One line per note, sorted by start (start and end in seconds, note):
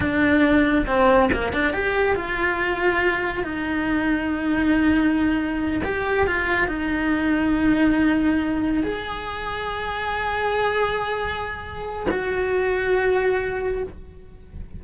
0.00 0.86 D4
0.86 1.29 C4
1.32 1.52 A#3
1.52 1.73 D4
1.73 2.15 G4
2.15 3.44 F4
3.44 5.81 D#4
5.84 6.26 G4
6.26 6.67 F4
6.67 8.83 D#4
8.83 12.06 G#4
12.10 13.83 F#4